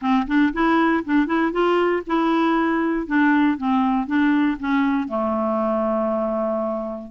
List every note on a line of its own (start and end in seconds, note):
0.01 0.27 C4
0.27 0.52 D4
0.53 1.04 E4
1.04 1.26 D4
1.26 1.51 E4
1.51 2.02 F4
2.06 3.06 E4
3.06 3.57 D4
3.57 4.07 C4
4.07 4.57 D4
4.59 5.08 C#4
5.08 7.11 A3